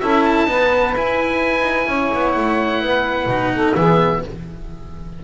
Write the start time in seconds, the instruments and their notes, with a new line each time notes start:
0.00 double bass C#4, cello E4, saxophone A4, oboe E5
0.25 oboe A5
0.47 cello B3, double bass D#4, saxophone B4
0.94 double bass E4, cello E4, oboe G#5
1.62 double bass D#4
1.87 double bass C#4, saxophone C#5
2.14 double bass B3
2.32 double bass A3, oboe F#5
2.81 double bass B3, saxophone B4
3.26 double bass B2, cello D#4
3.54 saxophone A4
3.75 double bass E3, cello B3, saxophone G#4, oboe E5